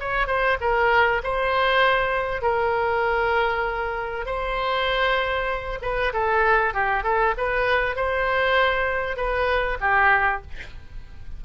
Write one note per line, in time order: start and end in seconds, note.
0.00 0.27 C#5
0.27 0.58 C5
0.61 1.22 A#4
1.24 2.42 C5
2.42 4.26 A#4
4.26 5.79 C5
5.82 6.13 B4
6.13 6.74 A4
6.74 7.04 G4
7.04 7.34 A4
7.37 7.96 B4
7.96 9.17 C5
9.17 9.78 B4
9.81 10.42 G4